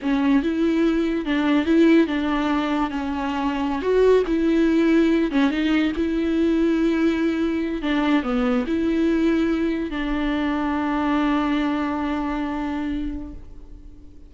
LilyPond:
\new Staff \with { instrumentName = "viola" } { \time 4/4 \tempo 4 = 144 cis'4 e'2 d'4 | e'4 d'2 cis'4~ | cis'4~ cis'16 fis'4 e'4.~ e'16~ | e'8. cis'8 dis'4 e'4.~ e'16~ |
e'2~ e'8. d'4 b16~ | b8. e'2. d'16~ | d'1~ | d'1 | }